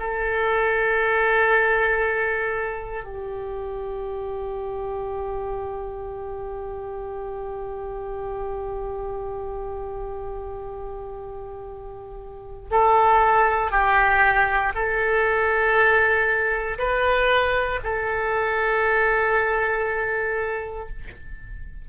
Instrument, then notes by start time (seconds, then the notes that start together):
oboe
0.00 A4
3.04 G4
12.71 A4
13.71 G4
14.75 A4
16.78 B4
17.84 A4